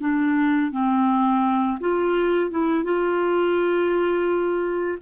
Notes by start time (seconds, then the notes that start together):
0.00 D4
0.71 C4
1.80 F4
2.50 E4
2.84 F4